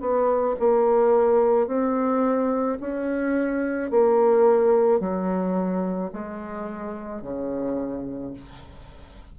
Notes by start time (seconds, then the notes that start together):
0.00 B3
0.59 A#3
1.67 C4
2.80 C#4
3.90 A#3
4.99 F#3
6.13 G#3
7.22 C#3